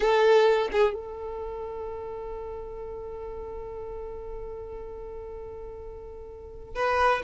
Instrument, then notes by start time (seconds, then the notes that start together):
violin
0.00 A4
0.72 G#4
0.94 A4
6.75 B4